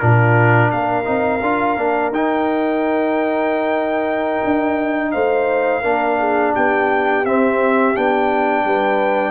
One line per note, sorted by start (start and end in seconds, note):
0.00 0.73 A#2
0.00 1.05 D4
0.00 0.71 F4
0.00 0.71 A#4
0.71 1.08 A#3
0.71 5.12 A#4
0.71 2.13 F5
1.05 1.42 C4
1.05 1.40 D#4
1.42 1.77 D4
1.42 1.78 F4
1.77 2.12 A#3
1.77 2.13 D4
2.12 4.41 D#4
2.12 5.84 D#4
2.12 5.12 G5
4.45 5.15 D4
5.12 5.85 A3
5.12 5.82 C5
5.12 6.53 F5
5.82 6.55 A#3
5.82 7.25 D4
5.82 6.17 A#4
6.20 6.54 G#4
6.54 7.25 B3
6.54 8.65 G4
6.54 7.26 G5
7.25 7.96 C4
7.25 7.94 C4
7.25 7.97 E5
7.94 8.65 B3
7.94 9.32 D4
7.94 9.32 G5
8.65 9.32 G3
8.65 9.32 B4